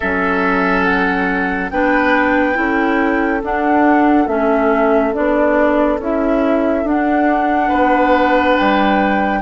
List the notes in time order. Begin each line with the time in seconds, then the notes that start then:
0.00 F#3 C#4 A4 E5
0.83 F#5
1.70 B3 D4 B4 G5
2.54 C#4 E4 A4
3.43 D4 F#5
4.27 A3 C#4 E5
5.13 B3 D4 D5
5.98 C#4 E4 E5
6.83 D4 F#5
7.68 B3 B4
8.56 G3 G5